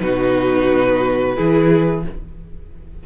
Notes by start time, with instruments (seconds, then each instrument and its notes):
0.00 cello B2, viola D#4, violin F#4 B4
1.36 cello E3, viola E4, violin G#4